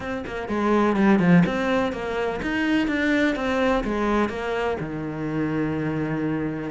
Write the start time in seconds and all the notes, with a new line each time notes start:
0.00 C4
0.26 A#3
0.48 G#3
0.96 G3
1.19 F3
1.46 C4
1.92 A#3
2.41 D#4
2.87 D4
3.35 C4
3.84 G#3
4.29 A#3
4.80 D#3